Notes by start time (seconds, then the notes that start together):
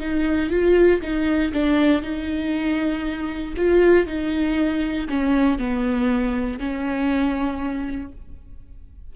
0.00 D#4
0.51 F4
1.02 D#4
1.53 D4
2.02 D#4
3.57 F4
4.07 D#4
5.09 C#4
5.59 B3
6.60 C#4